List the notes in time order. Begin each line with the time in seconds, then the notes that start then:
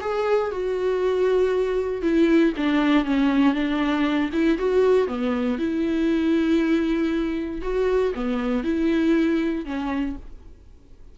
0.00 G#4
0.51 F#4
2.02 E4
2.56 D4
3.04 C#4
3.54 D4
4.32 E4
4.58 F#4
5.07 B3
5.58 E4
7.62 F#4
8.14 B3
8.63 E4
9.65 C#4